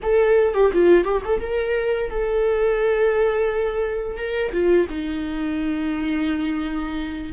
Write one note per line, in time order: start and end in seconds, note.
0.02 0.54 A4
0.54 0.71 G4
0.73 1.04 F4
1.04 1.21 G4
1.24 1.40 A4
1.40 2.09 A#4
2.09 4.17 A4
4.17 4.52 A#4
4.52 4.87 F4
4.89 7.33 D#4